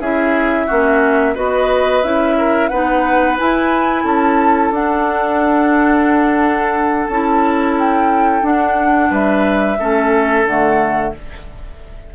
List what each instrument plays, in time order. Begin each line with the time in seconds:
0.00 bassoon C#4, clarinet E4, oboe G#4, flute E5
0.67 bassoon A#3, clarinet C#4, oboe F#4
1.35 bassoon B3, clarinet F#4, oboe B4, flute D#5
2.03 bassoon C#4, clarinet E4, flute E5
2.38 oboe A#4
2.69 bassoon B3, clarinet D#4, oboe B4, flute F#5
3.38 clarinet E4, bassoon E4, flute G#5
4.04 bassoon C#4, oboe A4, flute A5
4.71 bassoon D4, clarinet D4, flute F#5
7.07 bassoon C#4, clarinet E4, flute A5
7.79 flute G5
8.42 clarinet D4, bassoon D4, flute F#5
9.10 bassoon G3, oboe B4, flute E5
9.79 bassoon A3, clarinet C#4, oboe A4
10.46 bassoon D3, clarinet A3, flute F#5